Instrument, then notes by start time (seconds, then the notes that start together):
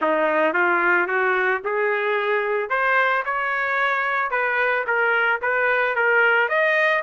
trumpet
0.01 D#4
0.53 F4
1.07 F#4
1.64 G#4
2.69 C5
3.25 C#5
4.30 B4
4.86 A#4
5.41 B4
5.95 A#4
6.48 D#5